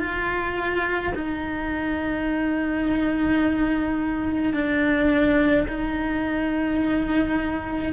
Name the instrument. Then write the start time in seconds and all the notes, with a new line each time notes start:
cello
0.00 F4
1.15 D#4
4.53 D4
5.69 D#4